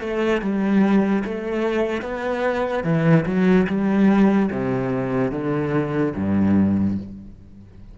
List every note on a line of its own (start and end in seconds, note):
0.00 0.41 A3
0.41 1.23 G3
1.24 2.01 A3
2.01 2.84 B3
2.84 3.25 E3
3.25 3.66 F#3
3.67 4.49 G3
4.51 5.31 C3
5.31 6.13 D3
6.15 6.97 G2